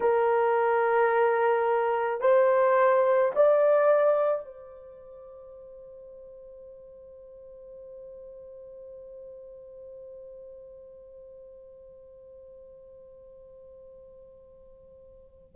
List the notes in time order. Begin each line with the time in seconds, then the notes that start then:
0.00 A#4
2.20 C5
3.35 D5
4.45 C5